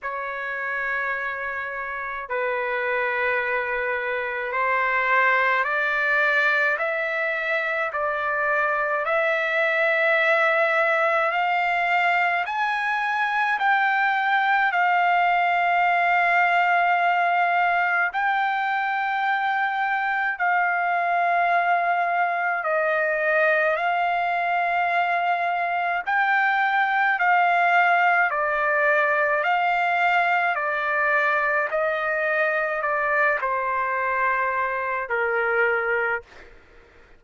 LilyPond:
\new Staff \with { instrumentName = "trumpet" } { \time 4/4 \tempo 4 = 53 cis''2 b'2 | c''4 d''4 e''4 d''4 | e''2 f''4 gis''4 | g''4 f''2. |
g''2 f''2 | dis''4 f''2 g''4 | f''4 d''4 f''4 d''4 | dis''4 d''8 c''4. ais'4 | }